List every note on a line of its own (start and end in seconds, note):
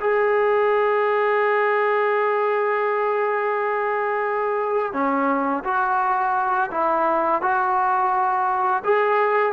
0.00 4.93 G#4
4.93 5.63 C#4
5.64 6.70 F#4
6.71 7.41 E4
7.42 8.83 F#4
8.84 9.52 G#4